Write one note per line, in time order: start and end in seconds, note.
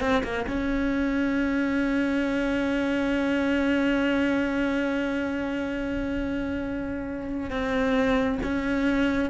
0.00 0.22 C4
0.24 0.46 A#3
0.47 7.50 C#4
7.50 8.38 C4
8.43 9.30 C#4